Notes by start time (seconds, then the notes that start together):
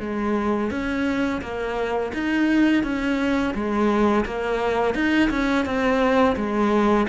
0.00 G#3
0.71 C#4
1.42 A#3
2.14 D#4
2.84 C#4
3.55 G#3
4.25 A#3
4.94 D#4
5.30 C#4
5.65 C4
6.36 G#3